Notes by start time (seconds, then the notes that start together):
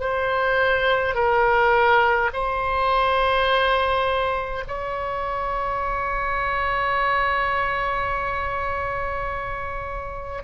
0.00 C5
1.15 A#4
2.33 C5
4.68 C#5